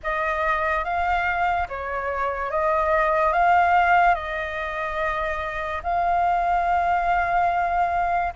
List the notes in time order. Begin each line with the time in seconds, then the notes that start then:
0.03 D#5
0.84 F5
1.68 C#5
2.50 D#5
3.33 F5
4.14 D#5
5.83 F5